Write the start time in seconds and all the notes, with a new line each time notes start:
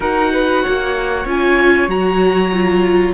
0.00 D#4 F#4 A#4 F#5
0.32 B4
0.62 A#3 C#5
1.25 C#4 F4 G#5
1.88 F#3 F#4 A#5
2.53 F4